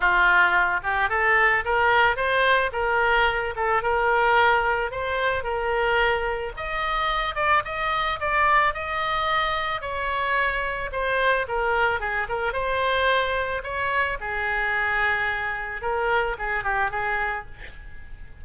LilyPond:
\new Staff \with { instrumentName = "oboe" } { \time 4/4 \tempo 4 = 110 f'4. g'8 a'4 ais'4 | c''4 ais'4. a'8 ais'4~ | ais'4 c''4 ais'2 | dis''4. d''8 dis''4 d''4 |
dis''2 cis''2 | c''4 ais'4 gis'8 ais'8 c''4~ | c''4 cis''4 gis'2~ | gis'4 ais'4 gis'8 g'8 gis'4 | }